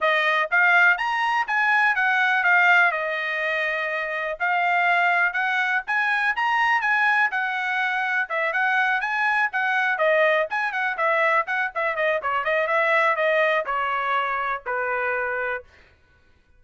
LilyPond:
\new Staff \with { instrumentName = "trumpet" } { \time 4/4 \tempo 4 = 123 dis''4 f''4 ais''4 gis''4 | fis''4 f''4 dis''2~ | dis''4 f''2 fis''4 | gis''4 ais''4 gis''4 fis''4~ |
fis''4 e''8 fis''4 gis''4 fis''8~ | fis''8 dis''4 gis''8 fis''8 e''4 fis''8 | e''8 dis''8 cis''8 dis''8 e''4 dis''4 | cis''2 b'2 | }